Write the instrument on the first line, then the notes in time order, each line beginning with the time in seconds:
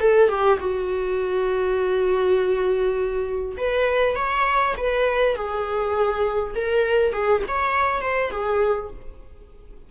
viola
0.00 A4
0.29 G4
0.59 F#4
3.57 B4
4.16 C#5
4.77 B4
5.35 G#4
6.55 A#4
7.13 G#4
7.48 C#5
8.01 C5
8.31 G#4